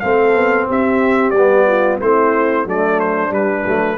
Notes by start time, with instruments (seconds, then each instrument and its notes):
0.00 tuba A3, trombone C4, horn A4, trumpet F5
0.35 tuba B3
0.69 tuba C4, horn G4, trumpet E5
1.31 tuba G3, trumpet D5
1.37 trombone B3
1.67 horn F4
2.01 tuba A3, trombone C4, horn E4, trumpet C5
2.66 tuba F#3, trombone A3, horn D4, trumpet D5
3.00 trumpet C5
3.29 trombone G3, tuba G3, trumpet B4
3.66 tuba F#3, trombone A3